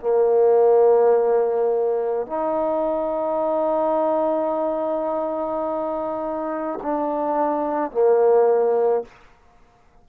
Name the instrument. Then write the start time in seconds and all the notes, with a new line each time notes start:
trombone
0.00 A#3
2.26 D#4
6.83 D4
7.91 A#3